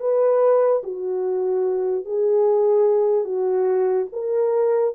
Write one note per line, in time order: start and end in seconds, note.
0.00 0.82 B4
0.83 2.05 F#4
2.05 3.24 G#4
3.24 4.06 F#4
4.12 4.95 A#4